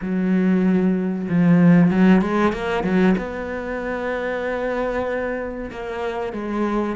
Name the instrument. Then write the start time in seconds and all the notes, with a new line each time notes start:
cello
0.01 F#3
1.29 F3
1.91 F#3
2.21 G#3
2.52 A#3
2.83 F#3
3.17 B3
5.70 A#3
6.32 G#3